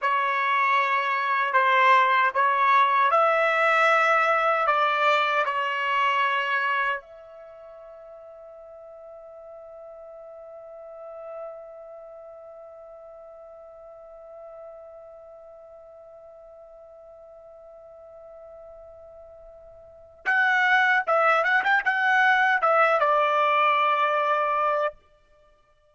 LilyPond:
\new Staff \with { instrumentName = "trumpet" } { \time 4/4 \tempo 4 = 77 cis''2 c''4 cis''4 | e''2 d''4 cis''4~ | cis''4 e''2.~ | e''1~ |
e''1~ | e''1~ | e''2 fis''4 e''8 fis''16 g''16 | fis''4 e''8 d''2~ d''8 | }